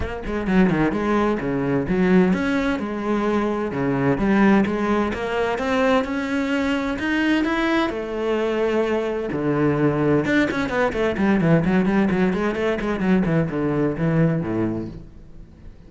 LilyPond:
\new Staff \with { instrumentName = "cello" } { \time 4/4 \tempo 4 = 129 ais8 gis8 fis8 dis8 gis4 cis4 | fis4 cis'4 gis2 | cis4 g4 gis4 ais4 | c'4 cis'2 dis'4 |
e'4 a2. | d2 d'8 cis'8 b8 a8 | g8 e8 fis8 g8 fis8 gis8 a8 gis8 | fis8 e8 d4 e4 a,4 | }